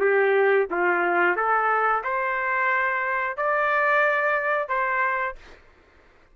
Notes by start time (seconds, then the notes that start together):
0.00 G4
0.71 F4
1.36 A4
2.03 C5
3.37 D5
4.68 C5